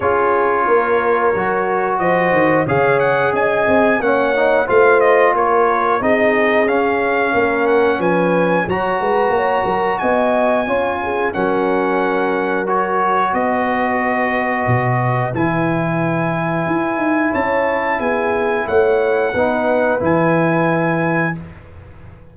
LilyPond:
<<
  \new Staff \with { instrumentName = "trumpet" } { \time 4/4 \tempo 4 = 90 cis''2. dis''4 | f''8 fis''8 gis''4 fis''4 f''8 dis''8 | cis''4 dis''4 f''4. fis''8 | gis''4 ais''2 gis''4~ |
gis''4 fis''2 cis''4 | dis''2. gis''4~ | gis''2 a''4 gis''4 | fis''2 gis''2 | }
  \new Staff \with { instrumentName = "horn" } { \time 4/4 gis'4 ais'2 c''4 | cis''4 dis''4 cis''4 c''4 | ais'4 gis'2 ais'4 | b'4 cis''8 b'8 cis''8 ais'8 dis''4 |
cis''8 gis'8 ais'2. | b'1~ | b'2 cis''4 gis'4 | cis''4 b'2. | }
  \new Staff \with { instrumentName = "trombone" } { \time 4/4 f'2 fis'2 | gis'2 cis'8 dis'8 f'4~ | f'4 dis'4 cis'2~ | cis'4 fis'2. |
f'4 cis'2 fis'4~ | fis'2. e'4~ | e'1~ | e'4 dis'4 e'2 | }
  \new Staff \with { instrumentName = "tuba" } { \time 4/4 cis'4 ais4 fis4 f8 dis8 | cis4 cis'8 c'8 ais4 a4 | ais4 c'4 cis'4 ais4 | f4 fis8 gis8 ais8 fis8 b4 |
cis'4 fis2. | b2 b,4 e4~ | e4 e'8 dis'8 cis'4 b4 | a4 b4 e2 | }
>>